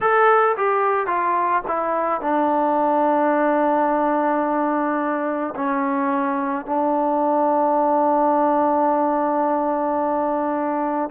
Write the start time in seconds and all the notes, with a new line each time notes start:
0.00 A4
0.56 G4
1.07 F4
1.67 E4
2.21 D4
5.55 C#4
6.65 D4